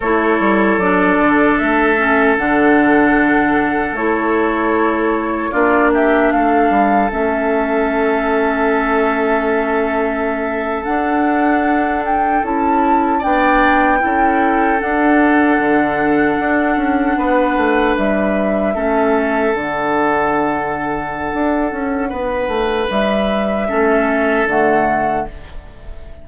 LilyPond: <<
  \new Staff \with { instrumentName = "flute" } { \time 4/4 \tempo 4 = 76 cis''4 d''4 e''4 fis''4~ | fis''4 cis''2 d''8 e''8 | f''4 e''2.~ | e''4.~ e''16 fis''4. g''8 a''16~ |
a''8. g''2 fis''4~ fis''16~ | fis''2~ fis''8. e''4~ e''16~ | e''8. fis''2.~ fis''16~ | fis''4 e''2 fis''4 | }
  \new Staff \with { instrumentName = "oboe" } { \time 4/4 a'1~ | a'2. f'8 g'8 | a'1~ | a'1~ |
a'8. d''4 a'2~ a'16~ | a'4.~ a'16 b'2 a'16~ | a'1 | b'2 a'2 | }
  \new Staff \with { instrumentName = "clarinet" } { \time 4/4 e'4 d'4. cis'8 d'4~ | d'4 e'2 d'4~ | d'4 cis'2.~ | cis'4.~ cis'16 d'2 e'16~ |
e'8. d'4 e'4 d'4~ d'16~ | d'2.~ d'8. cis'16~ | cis'8. d'2.~ d'16~ | d'2 cis'4 a4 | }
  \new Staff \with { instrumentName = "bassoon" } { \time 4/4 a8 g8 fis8 d8 a4 d4~ | d4 a2 ais4 | a8 g8 a2.~ | a4.~ a16 d'2 cis'16~ |
cis'8. b4 cis'4 d'4 d16~ | d8. d'8 cis'8 b8 a8 g4 a16~ | a8. d2~ d16 d'8 cis'8 | b8 a8 g4 a4 d4 | }
>>